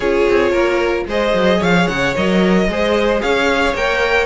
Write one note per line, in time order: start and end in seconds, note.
0.00 0.27 C#4
0.00 1.08 F4
0.00 0.51 G#4
0.00 1.06 C#5
0.29 0.52 C4
0.51 1.06 A#3
0.51 1.04 A#4
1.06 1.33 G#3
1.06 2.15 G#4
1.06 1.58 C5
1.06 1.62 D#5
1.33 1.60 F#3
1.58 1.87 F3
1.58 2.65 C#5
1.58 1.87 F5
1.87 2.15 C#3
1.87 2.14 F#5
2.16 2.68 F#3
2.16 2.69 A#4
2.16 3.21 D#5
2.68 3.22 G#3
2.68 3.76 G#4
2.68 3.22 C5
3.21 3.73 C#4
3.21 4.26 C#5
3.21 3.74 F5
3.73 4.26 A#3
3.73 4.26 A#4
3.73 4.26 G5